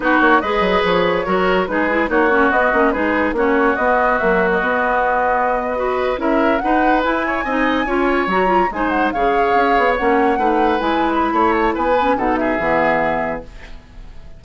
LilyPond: <<
  \new Staff \with { instrumentName = "flute" } { \time 4/4 \tempo 4 = 143 b'8 cis''8 dis''4 cis''2 | b'4 cis''4 dis''4 b'4 | cis''4 dis''4 e''8. dis''4~ dis''16~ | dis''2~ dis''8. e''4 fis''16~ |
fis''8. gis''2. ais''16~ | ais''8. gis''8 fis''8 f''2 fis''16~ | fis''4.~ fis''16 gis''8. b''4 a''8 | gis''4 fis''8 e''2~ e''8 | }
  \new Staff \with { instrumentName = "oboe" } { \time 4/4 fis'4 b'2 ais'4 | gis'4 fis'2 gis'4 | fis'1~ | fis'4.~ fis'16 b'4 ais'4 b'16~ |
b'4~ b'16 cis''8 dis''4 cis''4~ cis''16~ | cis''8. c''4 cis''2~ cis''16~ | cis''8. b'2~ b'16 cis''4 | b'4 a'8 gis'2~ gis'8 | }
  \new Staff \with { instrumentName = "clarinet" } { \time 4/4 dis'4 gis'2 fis'4 | dis'8 e'8 dis'8 cis'8 b8 cis'8 dis'4 | cis'4 b4 fis4 b4~ | b4.~ b16 fis'4 e'4 dis'16~ |
dis'8. e'4 dis'4 f'4 fis'16~ | fis'16 f'8 dis'4 gis'2 cis'16~ | cis'8. dis'4 e'2~ e'16~ | e'8 cis'8 dis'4 b2 | }
  \new Staff \with { instrumentName = "bassoon" } { \time 4/4 b8 ais8 gis8 fis8 f4 fis4 | gis4 ais4 b8 ais8 gis4 | ais4 b4 ais4 b4~ | b2~ b8. cis'4 dis'16~ |
dis'8. e'4 c'4 cis'4 fis16~ | fis8. gis4 cis4 cis'8 b8 ais16~ | ais8. a4 gis4~ gis16 a4 | b4 b,4 e2 | }
>>